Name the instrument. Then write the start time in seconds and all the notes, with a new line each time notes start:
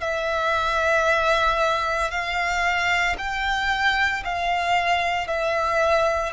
violin
0.00 E5
2.11 F5
3.18 G5
4.24 F5
5.27 E5